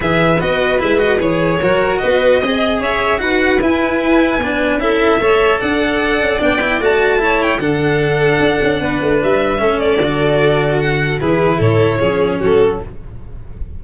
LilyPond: <<
  \new Staff \with { instrumentName = "violin" } { \time 4/4 \tempo 4 = 150 e''4 dis''4 e''8 dis''8 cis''4~ | cis''4 dis''2 e''4 | fis''4 gis''2. | e''2 fis''2 |
g''4 a''4. g''8 fis''4~ | fis''2. e''4~ | e''8 d''2~ d''8 fis''4 | b'4 cis''2 a'4 | }
  \new Staff \with { instrumentName = "violin" } { \time 4/4 b'1 | ais'4 b'4 dis''4 cis''4 | b'1 | a'4 cis''4 d''2~ |
d''2 cis''4 a'4~ | a'2 b'2 | a'1 | gis'4 a'4 gis'4 fis'4 | }
  \new Staff \with { instrumentName = "cello" } { \time 4/4 gis'4 fis'4 e'8 fis'8 gis'4 | fis'2 gis'2 | fis'4 e'2 d'4 | e'4 a'2. |
d'8 e'8 fis'4 e'4 d'4~ | d'1 | cis'4 fis'2. | e'2 cis'2 | }
  \new Staff \with { instrumentName = "tuba" } { \time 4/4 e4 b4 gis4 e4 | fis4 b4 c'4 cis'4 | dis'4 e'2 b4 | cis'4 a4 d'4. cis'8 |
b4 a2 d4~ | d4 d'8 cis'8 b8 a8 g4 | a4 d2. | e4 a,4 f4 fis4 | }
>>